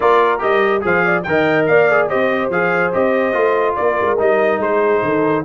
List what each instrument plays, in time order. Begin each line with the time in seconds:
0.00 tuba A#3, trombone F4, horn A#4, trumpet D5
0.39 tuba G3, trombone G4, trumpet D#5
0.81 tuba F3, trombone G#4, horn C5, trumpet F5
1.05 horn D5
1.23 tuba D#3, trombone A#4, trumpet G5
1.29 horn D#5
1.66 tuba A#3, horn D5, trumpet F5
1.90 trombone G#4
2.08 tuba C4, trombone G4, horn C5, trumpet D#5
2.49 tuba F3, trombone G#4, trumpet F5
2.92 tuba C4, trombone G4, trumpet D#5
3.33 tuba A3, trombone F4
3.75 tuba A#3, horn A#4, trumpet D5
4.01 tuba G#3
4.18 tuba G3, trombone D#4, trumpet D#5
4.58 tuba G#3, horn G#4, trumpet C5
5.02 tuba D#3, horn A4